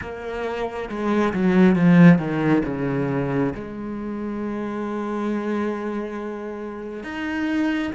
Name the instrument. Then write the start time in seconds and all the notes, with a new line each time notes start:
cello
0.01 A#3
0.89 G#3
1.33 F#3
1.75 F3
2.18 D#3
2.65 C#3
3.55 G#3
7.03 D#4